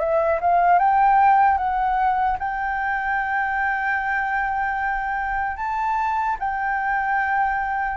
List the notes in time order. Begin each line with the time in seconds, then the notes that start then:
0.00 E5
0.41 F5
0.79 G5
1.58 F#5
2.39 G5
5.57 A5
6.40 G5